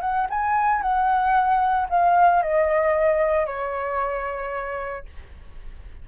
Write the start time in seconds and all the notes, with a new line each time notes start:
0.00 F#5
0.29 G#5
0.81 F#5
1.89 F5
2.42 D#5
3.46 C#5